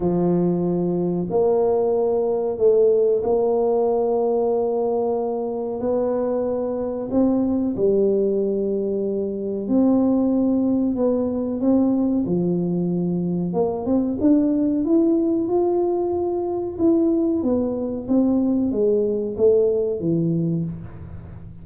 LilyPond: \new Staff \with { instrumentName = "tuba" } { \time 4/4 \tempo 4 = 93 f2 ais2 | a4 ais2.~ | ais4 b2 c'4 | g2. c'4~ |
c'4 b4 c'4 f4~ | f4 ais8 c'8 d'4 e'4 | f'2 e'4 b4 | c'4 gis4 a4 e4 | }